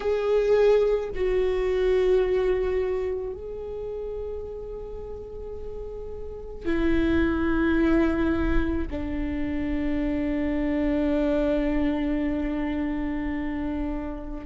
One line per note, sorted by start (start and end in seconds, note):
0.00 1.09 G#4
1.15 3.33 F#4
3.33 6.65 G#4
6.65 8.87 E4
8.90 14.45 D4